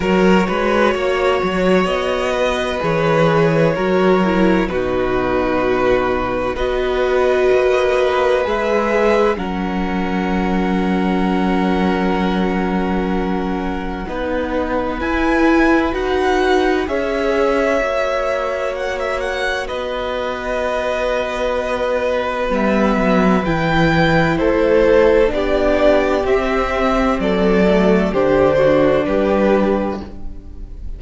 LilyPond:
<<
  \new Staff \with { instrumentName = "violin" } { \time 4/4 \tempo 4 = 64 cis''2 dis''4 cis''4~ | cis''4 b'2 dis''4~ | dis''4 e''4 fis''2~ | fis''1 |
gis''4 fis''4 e''2 | fis''16 e''16 fis''8 dis''2. | e''4 g''4 c''4 d''4 | e''4 d''4 c''4 b'4 | }
  \new Staff \with { instrumentName = "violin" } { \time 4/4 ais'8 b'8 cis''4. b'4. | ais'4 fis'2 b'4~ | b'2 ais'2~ | ais'2. b'4~ |
b'2 cis''2~ | cis''4 b'2.~ | b'2 a'4 g'4~ | g'4 a'4 g'8 fis'8 g'4 | }
  \new Staff \with { instrumentName = "viola" } { \time 4/4 fis'2. gis'4 | fis'8 e'8 dis'2 fis'4~ | fis'4 gis'4 cis'2~ | cis'2. dis'4 |
e'4 fis'4 gis'4 fis'4~ | fis'1 | b4 e'2 d'4 | c'4. a8 d'2 | }
  \new Staff \with { instrumentName = "cello" } { \time 4/4 fis8 gis8 ais8 fis8 b4 e4 | fis4 b,2 b4 | ais4 gis4 fis2~ | fis2. b4 |
e'4 dis'4 cis'4 ais4~ | ais4 b2. | g8 fis8 e4 a4 b4 | c'4 fis4 d4 g4 | }
>>